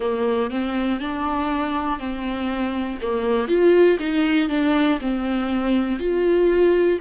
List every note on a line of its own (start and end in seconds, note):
0.00 0.50 A#3
0.50 1.00 C4
1.00 1.99 D4
1.99 2.99 C4
3.01 3.47 A#3
3.47 3.98 F4
3.99 4.49 D#4
4.49 4.99 D4
5.00 5.99 C4
5.99 6.99 F4